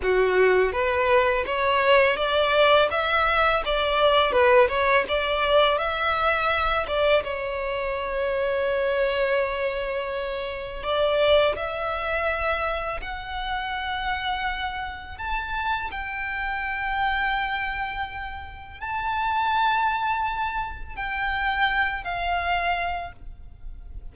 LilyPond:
\new Staff \with { instrumentName = "violin" } { \time 4/4 \tempo 4 = 83 fis'4 b'4 cis''4 d''4 | e''4 d''4 b'8 cis''8 d''4 | e''4. d''8 cis''2~ | cis''2. d''4 |
e''2 fis''2~ | fis''4 a''4 g''2~ | g''2 a''2~ | a''4 g''4. f''4. | }